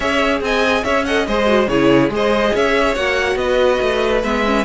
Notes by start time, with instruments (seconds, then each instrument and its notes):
0.00 cello C#4, viola G#4, violin C#5 E5
0.41 cello C4, violin D#5 G#5
0.83 cello C#4, violin C#5 E5
1.04 viola A4, violin D#5 F#5
1.26 cello G#3, viola G#4, violin C5 D#5
1.46 viola F#4
1.67 cello C#3, viola E4, violin G#4 C#5
2.09 cello G#3, viola G#4, violin C5
2.15 violin D#5
2.53 cello C#4, violin C#5 E5
2.94 cello A#3, viola F#4, violin F#5
3.35 cello B3, violin B4 D#5
3.81 cello A3
4.23 cello G#3, viola B3, violin E5
4.45 viola C#4